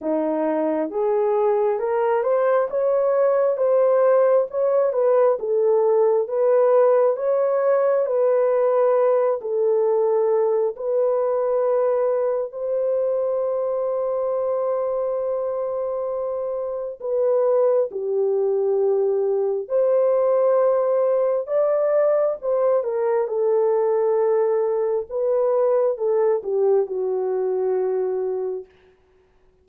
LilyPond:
\new Staff \with { instrumentName = "horn" } { \time 4/4 \tempo 4 = 67 dis'4 gis'4 ais'8 c''8 cis''4 | c''4 cis''8 b'8 a'4 b'4 | cis''4 b'4. a'4. | b'2 c''2~ |
c''2. b'4 | g'2 c''2 | d''4 c''8 ais'8 a'2 | b'4 a'8 g'8 fis'2 | }